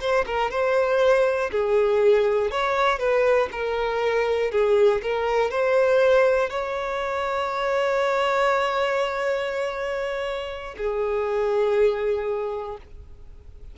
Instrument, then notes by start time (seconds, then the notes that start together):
violin
0.00 C5
0.26 A#4
0.50 C5
1.51 G#4
2.50 C#5
2.99 B4
3.51 A#4
4.51 G#4
5.02 A#4
5.50 C5
6.50 C#5
10.77 G#4